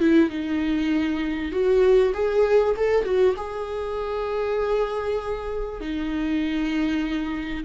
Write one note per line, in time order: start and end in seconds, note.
0.00 0.30 E4
0.30 1.52 D#4
1.52 2.13 F#4
2.14 2.75 G#4
2.77 3.05 A4
3.05 3.35 F#4
3.37 5.81 G#4
5.81 7.64 D#4